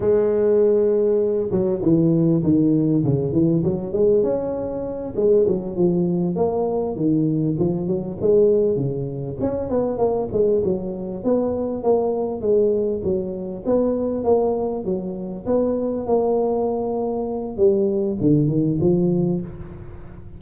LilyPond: \new Staff \with { instrumentName = "tuba" } { \time 4/4 \tempo 4 = 99 gis2~ gis8 fis8 e4 | dis4 cis8 e8 fis8 gis8 cis'4~ | cis'8 gis8 fis8 f4 ais4 dis8~ | dis8 f8 fis8 gis4 cis4 cis'8 |
b8 ais8 gis8 fis4 b4 ais8~ | ais8 gis4 fis4 b4 ais8~ | ais8 fis4 b4 ais4.~ | ais4 g4 d8 dis8 f4 | }